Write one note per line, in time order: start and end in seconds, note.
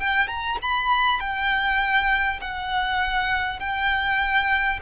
0.00 0.27 G5
0.27 0.57 A#5
0.62 1.19 B5
1.19 2.39 G5
2.41 3.59 F#5
3.59 4.79 G5